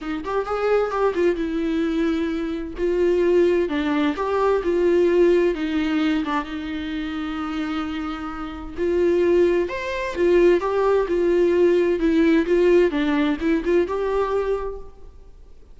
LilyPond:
\new Staff \with { instrumentName = "viola" } { \time 4/4 \tempo 4 = 130 dis'8 g'8 gis'4 g'8 f'8 e'4~ | e'2 f'2 | d'4 g'4 f'2 | dis'4. d'8 dis'2~ |
dis'2. f'4~ | f'4 c''4 f'4 g'4 | f'2 e'4 f'4 | d'4 e'8 f'8 g'2 | }